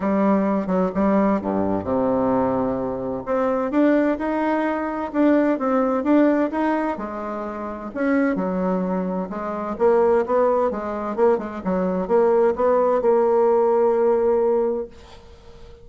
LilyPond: \new Staff \with { instrumentName = "bassoon" } { \time 4/4 \tempo 4 = 129 g4. fis8 g4 g,4 | c2. c'4 | d'4 dis'2 d'4 | c'4 d'4 dis'4 gis4~ |
gis4 cis'4 fis2 | gis4 ais4 b4 gis4 | ais8 gis8 fis4 ais4 b4 | ais1 | }